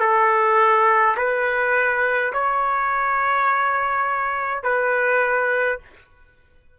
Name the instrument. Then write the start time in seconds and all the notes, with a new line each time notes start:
trumpet
0.00 A4
1.17 B4
2.32 C#5
4.63 B4